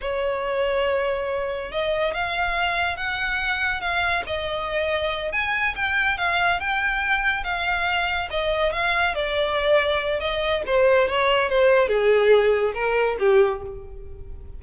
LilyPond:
\new Staff \with { instrumentName = "violin" } { \time 4/4 \tempo 4 = 141 cis''1 | dis''4 f''2 fis''4~ | fis''4 f''4 dis''2~ | dis''8 gis''4 g''4 f''4 g''8~ |
g''4. f''2 dis''8~ | dis''8 f''4 d''2~ d''8 | dis''4 c''4 cis''4 c''4 | gis'2 ais'4 g'4 | }